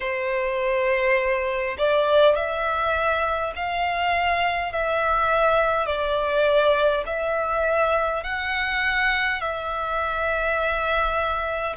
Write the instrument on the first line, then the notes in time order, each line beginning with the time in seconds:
violin
0.00 C5
1.78 D5
2.35 E5
3.55 F5
4.72 E5
5.86 D5
7.06 E5
8.24 F#5
9.41 E5